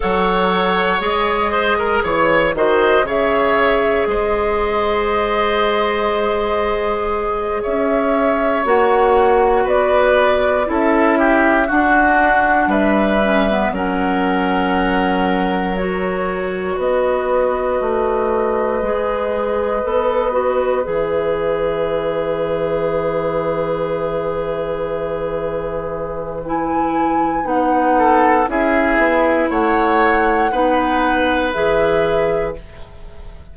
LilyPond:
<<
  \new Staff \with { instrumentName = "flute" } { \time 4/4 \tempo 4 = 59 fis''4 dis''4 cis''8 dis''8 e''4 | dis''2.~ dis''8 e''8~ | e''8 fis''4 d''4 e''4 fis''8~ | fis''8 e''4 fis''2 cis''8~ |
cis''8 dis''2.~ dis''8~ | dis''8 e''2.~ e''8~ | e''2 gis''4 fis''4 | e''4 fis''2 e''4 | }
  \new Staff \with { instrumentName = "oboe" } { \time 4/4 cis''4. c''16 ais'16 cis''8 c''8 cis''4 | c''2.~ c''8 cis''8~ | cis''4. b'4 a'8 g'8 fis'8~ | fis'8 b'4 ais'2~ ais'8~ |
ais'8 b'2.~ b'8~ | b'1~ | b'2.~ b'8 a'8 | gis'4 cis''4 b'2 | }
  \new Staff \with { instrumentName = "clarinet" } { \time 4/4 a'4 gis'4. fis'8 gis'4~ | gis'1~ | gis'8 fis'2 e'4 d'8~ | d'4 cis'16 b16 cis'2 fis'8~ |
fis'2~ fis'8 gis'4 a'8 | fis'8 gis'2.~ gis'8~ | gis'2 e'4 dis'4 | e'2 dis'4 gis'4 | }
  \new Staff \with { instrumentName = "bassoon" } { \time 4/4 fis4 gis4 e8 dis8 cis4 | gis2.~ gis8 cis'8~ | cis'8 ais4 b4 cis'4 d'8~ | d'8 g4 fis2~ fis8~ |
fis8 b4 a4 gis4 b8~ | b8 e2.~ e8~ | e2. b4 | cis'8 b8 a4 b4 e4 | }
>>